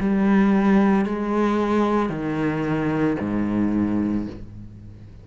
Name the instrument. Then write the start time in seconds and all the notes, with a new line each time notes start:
cello
0.00 G3
1.06 G#3
2.09 D#3
3.20 G#2